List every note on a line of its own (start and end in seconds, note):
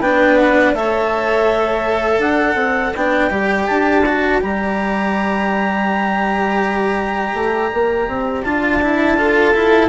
0.00 0.73 B3
0.00 0.75 D4
0.00 0.74 B4
0.00 0.37 G5
0.37 0.74 F#5
0.74 2.19 A3
0.74 2.95 A4
0.74 2.23 C#5
0.74 2.21 E5
2.19 2.55 D4
2.19 9.17 D5
2.19 2.94 F#5
2.55 2.92 C4
2.95 3.30 B3
2.95 3.30 D4
2.95 3.67 G5
3.30 3.67 G3
3.30 4.04 G4
3.67 4.43 D4
3.67 4.40 A5
4.06 4.41 F#4
4.41 7.34 G3
4.41 8.44 G4
4.41 8.43 A#5
7.34 7.70 A3
7.73 8.08 A#3
8.08 8.44 C4
8.43 9.54 D4
8.43 8.82 F4
8.43 9.89 A5
8.82 9.17 E4
9.17 9.54 F4
9.17 9.89 A4
9.54 9.89 E4
9.54 9.89 F4